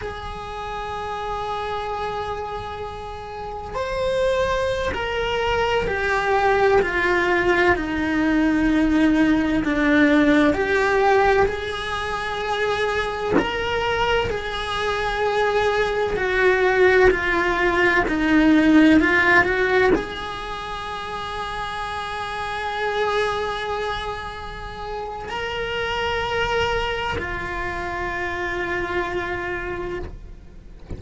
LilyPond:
\new Staff \with { instrumentName = "cello" } { \time 4/4 \tempo 4 = 64 gis'1 | c''4~ c''16 ais'4 g'4 f'8.~ | f'16 dis'2 d'4 g'8.~ | g'16 gis'2 ais'4 gis'8.~ |
gis'4~ gis'16 fis'4 f'4 dis'8.~ | dis'16 f'8 fis'8 gis'2~ gis'8.~ | gis'2. ais'4~ | ais'4 f'2. | }